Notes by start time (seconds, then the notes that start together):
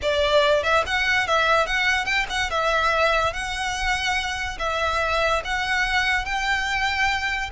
0.02 D5
0.63 E5
0.86 F#5
1.27 E5
1.66 F#5
2.05 G5
2.29 F#5
2.50 E5
3.33 F#5
4.59 E5
5.44 F#5
6.25 G5